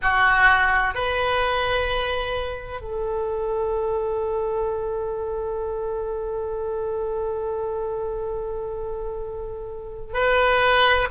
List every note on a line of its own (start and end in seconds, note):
0.02 0.94 F#4
0.94 2.81 B4
2.81 10.13 A4
10.13 11.08 B4